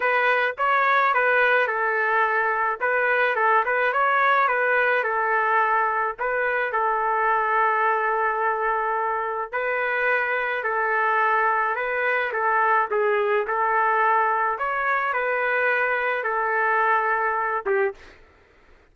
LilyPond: \new Staff \with { instrumentName = "trumpet" } { \time 4/4 \tempo 4 = 107 b'4 cis''4 b'4 a'4~ | a'4 b'4 a'8 b'8 cis''4 | b'4 a'2 b'4 | a'1~ |
a'4 b'2 a'4~ | a'4 b'4 a'4 gis'4 | a'2 cis''4 b'4~ | b'4 a'2~ a'8 g'8 | }